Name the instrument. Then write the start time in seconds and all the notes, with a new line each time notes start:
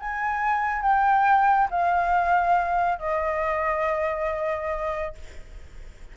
flute
0.00 G#5
0.82 G5
1.71 F5
2.99 D#5